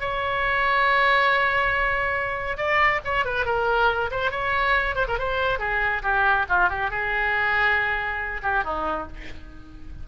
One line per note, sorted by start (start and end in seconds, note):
0.00 2.57 C#5
2.57 3.00 D5
3.04 3.25 C#5
3.25 3.45 B4
3.45 4.10 A#4
4.11 4.31 C5
4.31 4.95 C#5
4.95 5.06 C5
5.07 5.18 A#4
5.19 5.59 C5
5.59 6.02 G#4
6.02 6.45 G4
6.49 6.69 F4
6.69 6.90 G4
6.90 8.41 G#4
8.42 8.64 G4
8.64 9.07 D#4